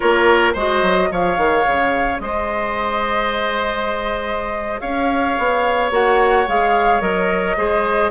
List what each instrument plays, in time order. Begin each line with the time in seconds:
0.00 bassoon A#3, clarinet F4, oboe A#4, flute C#5
0.53 bassoon G#3, clarinet F#4, oboe C5, flute D#5
0.82 bassoon F#3
1.10 bassoon F3, clarinet G#4, oboe C#5, flute F5
1.37 bassoon D#3
1.66 bassoon C#3
2.19 bassoon G#3, oboe C5, flute D#5
4.80 bassoon C#4, oboe C#5, flute F5
5.38 bassoon B3
5.91 bassoon A#3, clarinet F#4, flute F#5
6.48 bassoon G#3, clarinet G#4, flute F5
7.00 bassoon F#3, clarinet A#4, flute D#5
7.56 bassoon G#3, clarinet G#4, oboe C5